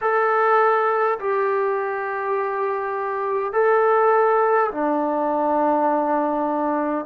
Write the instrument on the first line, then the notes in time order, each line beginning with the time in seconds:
trombone
0.01 A4
1.19 G4
3.52 A4
4.71 D4